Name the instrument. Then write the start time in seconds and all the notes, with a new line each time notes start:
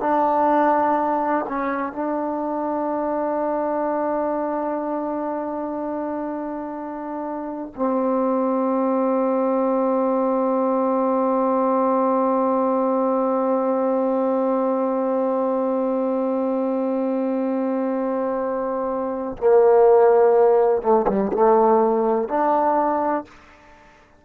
trombone
0.00 D4
1.48 C#4
1.92 D4
7.76 C4
19.37 A#3
20.82 A3
21.07 G3
21.33 A3
22.28 D4